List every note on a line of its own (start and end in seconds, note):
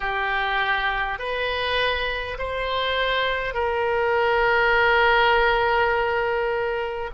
0.00 1.19 G4
1.19 2.37 B4
2.38 3.53 C5
3.53 7.10 A#4